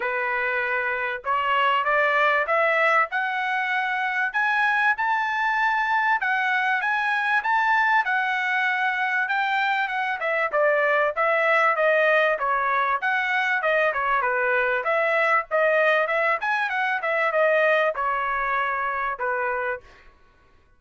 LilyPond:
\new Staff \with { instrumentName = "trumpet" } { \time 4/4 \tempo 4 = 97 b'2 cis''4 d''4 | e''4 fis''2 gis''4 | a''2 fis''4 gis''4 | a''4 fis''2 g''4 |
fis''8 e''8 d''4 e''4 dis''4 | cis''4 fis''4 dis''8 cis''8 b'4 | e''4 dis''4 e''8 gis''8 fis''8 e''8 | dis''4 cis''2 b'4 | }